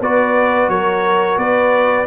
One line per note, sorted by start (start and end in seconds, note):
0.00 0.68 B3
0.00 2.06 F#4
0.00 0.70 B4
0.00 0.69 D5
0.68 1.37 F#3
0.68 1.38 A#4
0.68 1.38 C#5
1.37 2.06 B3
1.37 2.06 B4
1.37 2.06 D5